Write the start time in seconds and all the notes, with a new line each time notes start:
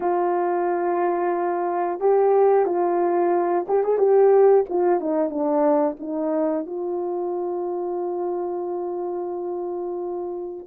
0.00 F4
2.00 G4
2.65 F4
3.68 G4
3.83 G#4
3.98 G4
4.68 F4
5.00 D#4
5.29 D4
5.99 D#4
6.66 F4